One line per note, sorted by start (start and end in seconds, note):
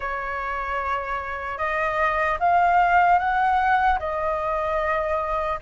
0.00 1.57 C#5
1.57 2.37 D#5
2.39 3.19 F5
3.19 3.99 F#5
3.99 5.59 D#5